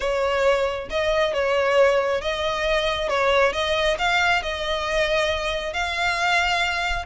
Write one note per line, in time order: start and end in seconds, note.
0.00 0.88 C#5
0.90 1.33 D#5
1.33 2.21 C#5
2.21 3.09 D#5
3.09 3.53 C#5
3.53 3.97 D#5
3.98 4.42 F5
4.42 5.73 D#5
5.73 7.05 F5